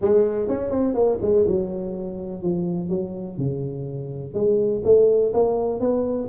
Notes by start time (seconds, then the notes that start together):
0.01 G#3
0.48 C#4
0.70 C4
0.94 A#3
1.21 G#3
1.47 F#3
2.42 F3
2.89 F#3
3.37 C#3
4.34 G#3
4.84 A3
5.33 A#3
5.80 B3